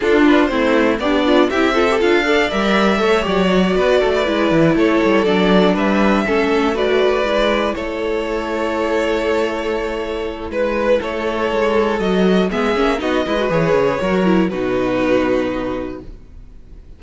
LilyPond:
<<
  \new Staff \with { instrumentName = "violin" } { \time 4/4 \tempo 4 = 120 a'8 b'8 c''4 d''4 e''4 | f''4 e''4. d''4.~ | d''4. cis''4 d''4 e''8~ | e''4. d''2 cis''8~ |
cis''1~ | cis''4 b'4 cis''2 | dis''4 e''4 dis''4 cis''4~ | cis''4 b'2. | }
  \new Staff \with { instrumentName = "violin" } { \time 4/4 f'4 e'4 d'4 g'8 a'8~ | a'8 d''4. cis''4. b'8 | a'16 b'4~ b'16 a'2 b'8~ | b'8 a'4 b'2 a'8~ |
a'1~ | a'4 b'4 a'2~ | a'4 gis'4 fis'8 b'4. | ais'4 fis'2. | }
  \new Staff \with { instrumentName = "viola" } { \time 4/4 d'4 c'4 g'8 f'8 e'8 f'16 g'16 | f'8 a'8 ais'4 a'8 g'8 fis'4~ | fis'8 e'2 d'4.~ | d'8 cis'4 fis'4 e'4.~ |
e'1~ | e'1 | fis'4 b8 cis'8 dis'8 e'16 fis'16 gis'4 | fis'8 e'8 dis'2. | }
  \new Staff \with { instrumentName = "cello" } { \time 4/4 d'4 a4 b4 c'4 | d'4 g4 a8 fis4 b8 | a8 gis8 e8 a8 g8 fis4 g8~ | g8 a2 gis4 a8~ |
a1~ | a4 gis4 a4 gis4 | fis4 gis8 ais8 b8 gis8 e8 cis8 | fis4 b,2. | }
>>